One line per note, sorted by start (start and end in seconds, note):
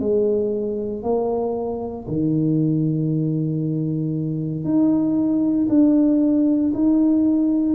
0.00 1.03 G#3
1.03 2.07 A#3
2.08 4.65 D#3
4.65 5.68 D#4
5.69 6.73 D4
6.75 7.75 D#4